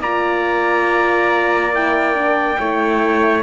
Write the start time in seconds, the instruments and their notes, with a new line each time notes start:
0.00 cello A#3, horn F4, trumpet D5 A#5
1.74 horn E4, trumpet G5
2.15 horn D4
2.60 cello A3, horn E4, trumpet C#5